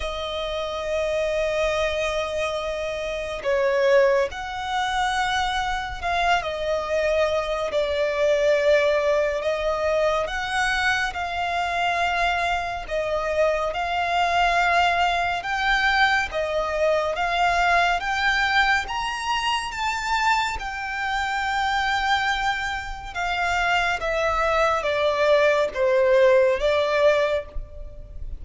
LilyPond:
\new Staff \with { instrumentName = "violin" } { \time 4/4 \tempo 4 = 70 dis''1 | cis''4 fis''2 f''8 dis''8~ | dis''4 d''2 dis''4 | fis''4 f''2 dis''4 |
f''2 g''4 dis''4 | f''4 g''4 ais''4 a''4 | g''2. f''4 | e''4 d''4 c''4 d''4 | }